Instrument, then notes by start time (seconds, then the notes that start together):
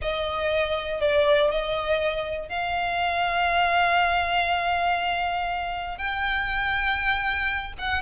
violin
0.01 D#5
1.00 D5
1.50 D#5
2.48 F5
5.97 G5
7.78 F#5